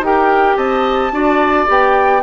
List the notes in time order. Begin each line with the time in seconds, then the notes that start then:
0.00 D#4 G4 A#4 G5
0.57 C4 D#5 A5
1.12 D4 F#4 D5
1.67 B3 G4 G5